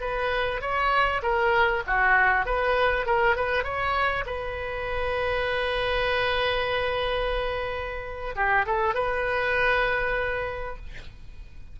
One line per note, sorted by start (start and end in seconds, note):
0.00 0.61 B4
0.61 1.21 C#5
1.22 1.82 A#4
1.87 2.45 F#4
2.45 3.06 B4
3.06 3.36 A#4
3.36 3.63 B4
3.63 4.24 C#5
4.26 8.35 B4
8.35 8.65 G4
8.66 8.94 A4
8.94 10.76 B4